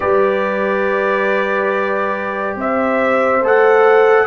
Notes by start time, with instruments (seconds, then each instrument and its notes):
0.00 tuba G3, trombone G4, horn B4, trumpet D5
2.55 tuba C4, horn C5, trumpet E5
3.41 tuba A3, trombone A4, trumpet F#5